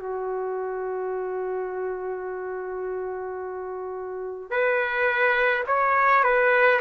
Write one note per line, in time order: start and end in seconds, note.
0.00 4.51 F#4
4.51 5.64 B4
5.67 6.24 C#5
6.24 6.81 B4